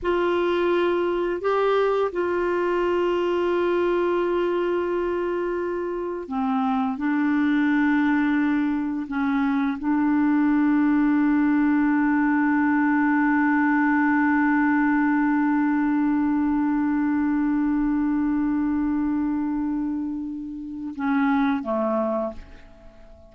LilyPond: \new Staff \with { instrumentName = "clarinet" } { \time 4/4 \tempo 4 = 86 f'2 g'4 f'4~ | f'1~ | f'4 c'4 d'2~ | d'4 cis'4 d'2~ |
d'1~ | d'1~ | d'1~ | d'2 cis'4 a4 | }